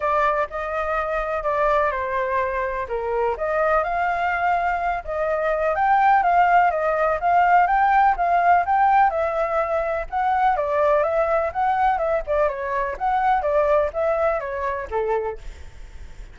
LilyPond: \new Staff \with { instrumentName = "flute" } { \time 4/4 \tempo 4 = 125 d''4 dis''2 d''4 | c''2 ais'4 dis''4 | f''2~ f''8 dis''4. | g''4 f''4 dis''4 f''4 |
g''4 f''4 g''4 e''4~ | e''4 fis''4 d''4 e''4 | fis''4 e''8 d''8 cis''4 fis''4 | d''4 e''4 cis''4 a'4 | }